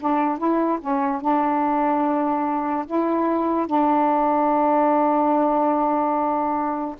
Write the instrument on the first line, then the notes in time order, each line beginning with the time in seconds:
saxophone
0.00 D4
0.38 E4
0.81 C#4
1.21 D4
2.86 E4
3.67 D4